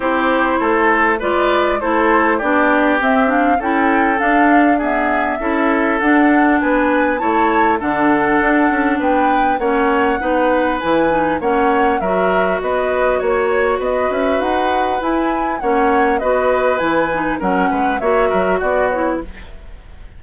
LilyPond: <<
  \new Staff \with { instrumentName = "flute" } { \time 4/4 \tempo 4 = 100 c''2 d''4 c''4 | d''4 e''8 f''8 g''4 f''4 | e''2 fis''4 gis''4 | a''4 fis''2 g''4 |
fis''2 gis''4 fis''4 | e''4 dis''4 cis''4 dis''8 e''8 | fis''4 gis''4 fis''4 dis''4 | gis''4 fis''4 e''4 d''8 cis''8 | }
  \new Staff \with { instrumentName = "oboe" } { \time 4/4 g'4 a'4 b'4 a'4 | g'2 a'2 | gis'4 a'2 b'4 | cis''4 a'2 b'4 |
cis''4 b'2 cis''4 | ais'4 b'4 cis''4 b'4~ | b'2 cis''4 b'4~ | b'4 ais'8 b'8 cis''8 ais'8 fis'4 | }
  \new Staff \with { instrumentName = "clarinet" } { \time 4/4 e'2 f'4 e'4 | d'4 c'8 d'8 e'4 d'4 | b4 e'4 d'2 | e'4 d'2. |
cis'4 dis'4 e'8 dis'8 cis'4 | fis'1~ | fis'4 e'4 cis'4 fis'4 | e'8 dis'8 cis'4 fis'4. e'8 | }
  \new Staff \with { instrumentName = "bassoon" } { \time 4/4 c'4 a4 gis4 a4 | b4 c'4 cis'4 d'4~ | d'4 cis'4 d'4 b4 | a4 d4 d'8 cis'8 b4 |
ais4 b4 e4 ais4 | fis4 b4 ais4 b8 cis'8 | dis'4 e'4 ais4 b4 | e4 fis8 gis8 ais8 fis8 b4 | }
>>